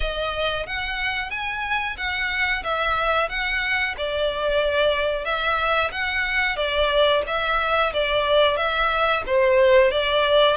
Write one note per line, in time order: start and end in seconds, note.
0.00 0.66 D#5
0.66 1.30 F#5
1.30 1.96 G#5
1.97 2.63 F#5
2.63 3.29 E5
3.29 3.95 F#5
3.97 5.24 D5
5.24 5.90 E5
5.91 6.56 F#5
6.56 7.22 D5
7.26 7.92 E5
7.93 8.57 D5
8.57 9.22 E5
9.26 9.91 C5
9.91 10.56 D5